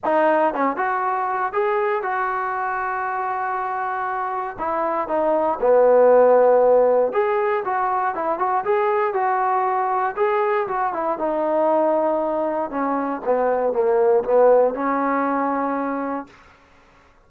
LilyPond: \new Staff \with { instrumentName = "trombone" } { \time 4/4 \tempo 4 = 118 dis'4 cis'8 fis'4. gis'4 | fis'1~ | fis'4 e'4 dis'4 b4~ | b2 gis'4 fis'4 |
e'8 fis'8 gis'4 fis'2 | gis'4 fis'8 e'8 dis'2~ | dis'4 cis'4 b4 ais4 | b4 cis'2. | }